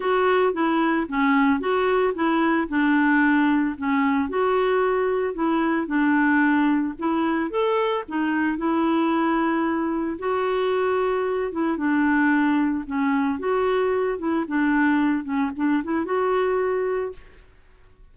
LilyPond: \new Staff \with { instrumentName = "clarinet" } { \time 4/4 \tempo 4 = 112 fis'4 e'4 cis'4 fis'4 | e'4 d'2 cis'4 | fis'2 e'4 d'4~ | d'4 e'4 a'4 dis'4 |
e'2. fis'4~ | fis'4. e'8 d'2 | cis'4 fis'4. e'8 d'4~ | d'8 cis'8 d'8 e'8 fis'2 | }